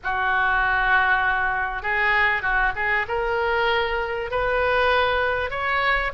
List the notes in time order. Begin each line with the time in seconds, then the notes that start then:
0.03 F#4
1.82 G#4
2.42 F#4
2.76 G#4
3.08 A#4
4.30 B4
5.50 C#5